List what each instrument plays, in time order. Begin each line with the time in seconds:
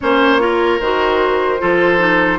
0.00 bassoon A#3, clarinet C#4, oboe C5, flute C#5
0.39 clarinet F4, oboe A#4
0.80 bassoon D#3, clarinet F#4, flute C5
1.58 bassoon F3, clarinet F4, oboe A4
1.98 clarinet D#4